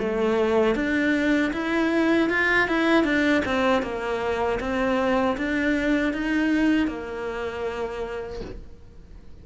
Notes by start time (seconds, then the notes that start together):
0.00 A3
0.76 D4
1.53 E4
2.30 F4
2.69 E4
3.04 D4
3.46 C4
3.83 A#3
4.60 C4
5.38 D4
6.14 D#4
6.88 A#3